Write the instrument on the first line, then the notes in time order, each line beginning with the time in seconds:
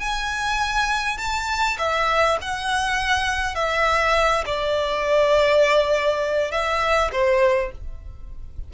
violin
0.00 G#5
1.18 A5
1.78 E5
2.41 F#5
3.55 E5
4.46 D5
6.52 E5
7.12 C5